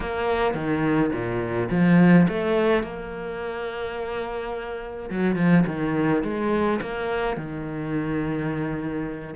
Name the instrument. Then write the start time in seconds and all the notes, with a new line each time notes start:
cello
0.00 A#3
0.54 D#3
1.12 A#2
1.70 F3
2.28 A3
2.83 A#3
5.09 F#3
5.36 F3
5.66 D#3
6.23 G#3
6.81 A#3
7.36 D#3